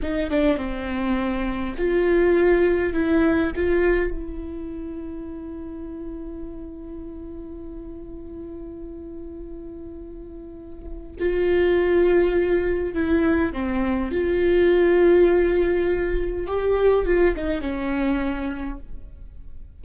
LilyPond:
\new Staff \with { instrumentName = "viola" } { \time 4/4 \tempo 4 = 102 dis'8 d'8 c'2 f'4~ | f'4 e'4 f'4 e'4~ | e'1~ | e'1~ |
e'2. f'4~ | f'2 e'4 c'4 | f'1 | g'4 f'8 dis'8 cis'2 | }